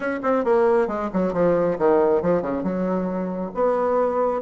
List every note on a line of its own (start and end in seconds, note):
0.00 0.19 C#4
0.22 0.44 C4
0.44 0.87 A#3
0.87 1.09 G#3
1.13 1.33 F#3
1.33 1.77 F3
1.78 2.22 D#3
2.22 2.42 F3
2.42 2.63 C#3
2.63 3.51 F#3
3.54 4.41 B3